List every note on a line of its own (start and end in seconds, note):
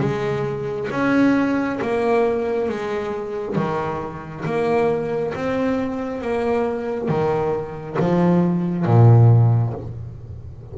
0.00 0.88 G#3
0.91 1.79 C#4
1.82 2.69 A#3
2.69 3.56 G#3
3.56 4.44 D#3
4.45 5.33 A#3
5.35 6.22 C4
6.22 7.09 A#3
7.09 7.97 D#3
8.00 8.85 F3
8.85 9.73 A#2